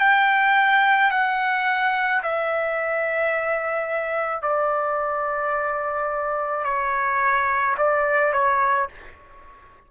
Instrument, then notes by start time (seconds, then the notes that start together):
trumpet
0.00 G5
1.11 F#5
2.23 E5
4.42 D5
6.65 C#5
7.78 D5
8.33 C#5